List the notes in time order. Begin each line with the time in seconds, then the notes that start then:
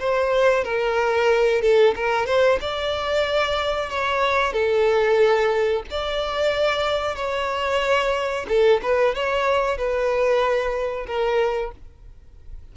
0.00 C5
0.64 A#4
1.62 A4
1.96 A#4
2.26 C5
2.61 D5
3.90 C#5
4.53 A4
5.91 D5
7.16 C#5
8.49 A4
8.83 B4
9.15 C#5
9.78 B4
11.07 A#4